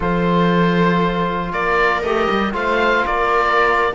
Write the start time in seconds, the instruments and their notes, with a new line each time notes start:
0.00 cello F3, trombone F4, viola A4, oboe C5
1.52 cello A#3, viola A#4, oboe D5
2.01 cello A3, trombone G4, oboe D#5
2.30 cello G3
2.52 cello A3, trombone F4, viola C5, oboe F5
3.06 cello A#3, viola A#4, oboe D5